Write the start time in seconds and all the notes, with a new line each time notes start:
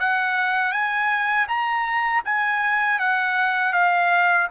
0.00 F#5
0.72 G#5
1.48 A#5
2.25 G#5
2.99 F#5
3.73 F5